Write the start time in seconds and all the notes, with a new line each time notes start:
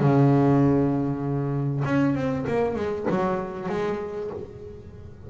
0.00 C#3
1.85 C#4
2.15 C4
2.47 A#3
2.76 G#3
3.10 F#3
3.69 G#3